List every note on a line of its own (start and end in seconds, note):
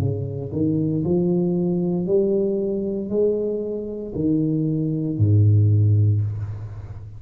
0.00 0.52 C#3
0.52 1.04 D#3
1.05 2.06 F3
2.06 3.10 G3
3.10 4.13 G#3
4.15 5.18 D#3
5.18 6.22 G#2